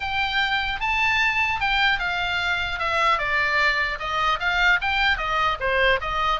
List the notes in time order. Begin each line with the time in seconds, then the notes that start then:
0.00 G5
0.80 A5
1.60 G5
1.99 F5
2.79 E5
3.18 D5
3.99 D#5
4.39 F5
4.81 G5
5.17 D#5
5.59 C5
6.01 D#5